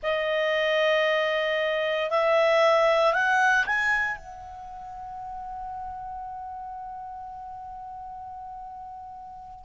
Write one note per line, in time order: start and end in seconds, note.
0.02 2.10 D#5
2.10 3.13 E5
3.13 3.65 F#5
3.66 4.17 G#5
4.17 9.65 F#5